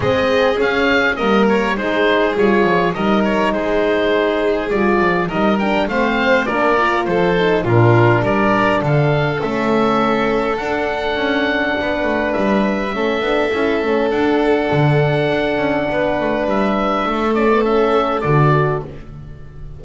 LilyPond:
<<
  \new Staff \with { instrumentName = "oboe" } { \time 4/4 \tempo 4 = 102 dis''4 f''4 dis''8 cis''8 c''4 | cis''4 dis''8 cis''8 c''2 | d''4 dis''8 g''8 f''4 d''4 | c''4 ais'4 d''4 f''4 |
e''2 fis''2~ | fis''4 e''2. | fis''1 | e''4. d''8 e''4 d''4 | }
  \new Staff \with { instrumentName = "violin" } { \time 4/4 gis'2 ais'4 gis'4~ | gis'4 ais'4 gis'2~ | gis'4 ais'4 c''4 ais'4 | a'4 f'4 ais'4 a'4~ |
a'1 | b'2 a'2~ | a'2. b'4~ | b'4 a'2. | }
  \new Staff \with { instrumentName = "horn" } { \time 4/4 c'4 cis'4 ais4 dis'4 | f'4 dis'2. | f'4 dis'8 d'8 c'4 d'8 f'8~ | f'8 dis'8 d'2. |
cis'2 d'2~ | d'2 cis'8 d'8 e'8 cis'8 | d'1~ | d'4. cis'16 b16 cis'4 fis'4 | }
  \new Staff \with { instrumentName = "double bass" } { \time 4/4 gis4 cis'4 g4 gis4 | g8 f8 g4 gis2 | g8 f8 g4 a4 ais4 | f4 ais,4 g4 d4 |
a2 d'4 cis'4 | b8 a8 g4 a8 b8 cis'8 a8 | d'4 d4 d'8 cis'8 b8 a8 | g4 a2 d4 | }
>>